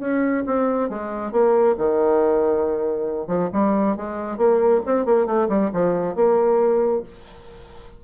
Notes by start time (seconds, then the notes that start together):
0.00 C#4
0.46 C4
0.89 G#3
1.32 A#3
1.78 D#3
3.28 F3
3.53 G3
3.97 G#3
4.37 A#3
4.86 C4
5.06 A#3
5.26 A3
5.49 G3
5.73 F3
6.15 A#3